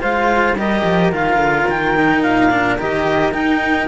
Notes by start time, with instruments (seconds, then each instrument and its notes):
0.00 cello G#3 F4, flute C5, clarinet F5
0.54 cello G3 G4, flute A#4, clarinet D#5
0.84 cello F3
1.12 cello D#3 F4, clarinet F5
1.36 cello D3
1.68 cello D#3, clarinet G5
1.96 cello D#4
2.22 cello A#2, clarinet F5
2.51 cello D4
2.78 cello D#3 G4, clarinet D#5
3.31 cello D#4, clarinet G5